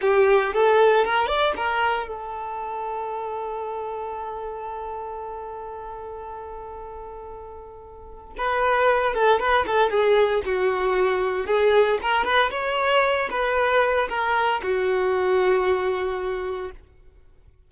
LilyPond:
\new Staff \with { instrumentName = "violin" } { \time 4/4 \tempo 4 = 115 g'4 a'4 ais'8 d''8 ais'4 | a'1~ | a'1~ | a'1 |
b'4. a'8 b'8 a'8 gis'4 | fis'2 gis'4 ais'8 b'8 | cis''4. b'4. ais'4 | fis'1 | }